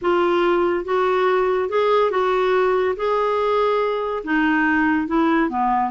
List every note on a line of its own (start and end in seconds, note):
0.01 0.84 F4
0.84 1.69 F#4
1.69 2.10 G#4
2.10 2.95 F#4
2.96 4.23 G#4
4.23 5.07 D#4
5.07 5.49 E4
5.49 5.90 B3